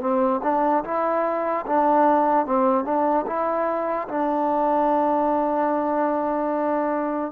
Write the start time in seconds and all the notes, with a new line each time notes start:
0.00 C4
0.43 D4
0.84 E4
1.66 D4
2.46 C4
2.84 D4
3.26 E4
4.08 D4